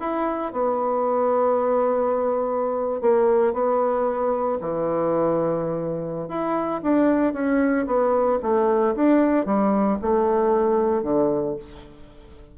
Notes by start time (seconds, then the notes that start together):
0.00 E4
0.53 B3
3.01 A#3
3.53 B3
4.61 E3
6.28 E4
6.83 D4
7.33 C#4
7.86 B3
8.42 A3
8.95 D4
9.46 G3
10.01 A3
11.03 D3